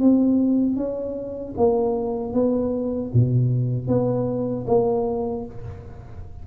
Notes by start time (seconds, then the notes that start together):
0.00 C4
0.77 C#4
1.57 A#3
2.33 B3
3.14 B2
3.88 B3
4.67 A#3